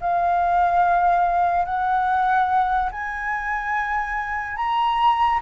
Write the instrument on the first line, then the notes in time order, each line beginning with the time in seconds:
flute
0.00 F5
1.65 F#5
2.92 G#5
4.56 A#5